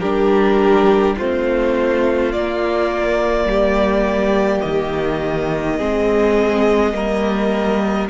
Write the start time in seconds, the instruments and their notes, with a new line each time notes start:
0.00 cello G3, viola D4, violin G4 A#4
1.17 cello A3, viola C4, violin F4 C5
2.32 viola A#3, cello A#3, violin D5
3.45 cello G3, violin G4
4.61 cello D#3, violin D#5
5.78 cello G#3, viola C4, violin G#4
6.93 cello G3, viola A#3, violin A#4